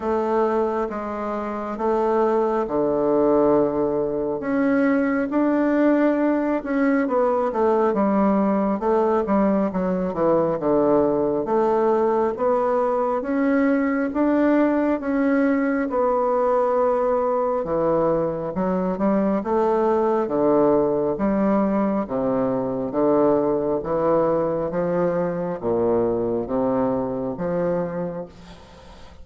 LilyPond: \new Staff \with { instrumentName = "bassoon" } { \time 4/4 \tempo 4 = 68 a4 gis4 a4 d4~ | d4 cis'4 d'4. cis'8 | b8 a8 g4 a8 g8 fis8 e8 | d4 a4 b4 cis'4 |
d'4 cis'4 b2 | e4 fis8 g8 a4 d4 | g4 c4 d4 e4 | f4 ais,4 c4 f4 | }